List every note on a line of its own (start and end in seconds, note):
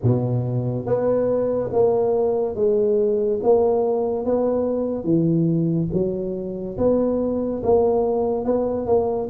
0.02 0.86 B2
0.86 1.70 B3
1.72 2.55 A#3
2.55 3.39 G#3
3.42 4.25 A#3
4.25 5.04 B3
5.04 5.88 E3
5.92 6.77 F#3
6.77 7.62 B3
7.63 8.44 A#3
8.44 8.86 B3
8.86 9.28 A#3